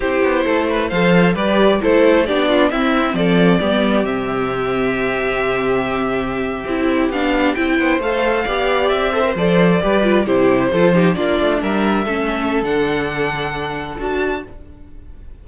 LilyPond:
<<
  \new Staff \with { instrumentName = "violin" } { \time 4/4 \tempo 4 = 133 c''2 f''4 d''4 | c''4 d''4 e''4 d''4~ | d''4 e''2.~ | e''2.~ e''8. f''16~ |
f''8. g''4 f''2 e''16~ | e''8. d''2 c''4~ c''16~ | c''8. d''4 e''2~ e''16 | fis''2. a''4 | }
  \new Staff \with { instrumentName = "violin" } { \time 4/4 g'4 a'8 b'8 c''4 b'4 | a'4 g'8 f'8 e'4 a'4 | g'1~ | g'1~ |
g'4~ g'16 c''4. d''4~ d''16~ | d''16 c''4. b'4 g'4 a'16~ | a'16 g'8 f'4 ais'4 a'4~ a'16~ | a'1 | }
  \new Staff \with { instrumentName = "viola" } { \time 4/4 e'2 a'4 g'4 | e'4 d'4 c'2 | b4 c'2.~ | c'2~ c'8. e'4 d'16~ |
d'8. e'4 a'4 g'4~ g'16~ | g'16 a'16 ais'16 a'4 g'8 f'8 e'4 f'16~ | f'16 dis'8 d'2 cis'4~ cis'16 | d'2. fis'4 | }
  \new Staff \with { instrumentName = "cello" } { \time 4/4 c'8 b8 a4 f4 g4 | a4 b4 c'4 f4 | g4 c2.~ | c2~ c8. c'4 b16~ |
b8. c'8 b8 a4 b4 c'16~ | c'8. f4 g4 c4 f16~ | f8. ais8 a8 g4 a4~ a16 | d2. d'4 | }
>>